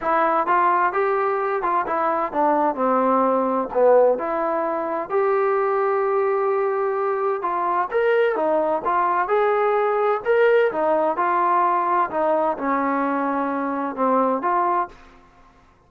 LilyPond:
\new Staff \with { instrumentName = "trombone" } { \time 4/4 \tempo 4 = 129 e'4 f'4 g'4. f'8 | e'4 d'4 c'2 | b4 e'2 g'4~ | g'1 |
f'4 ais'4 dis'4 f'4 | gis'2 ais'4 dis'4 | f'2 dis'4 cis'4~ | cis'2 c'4 f'4 | }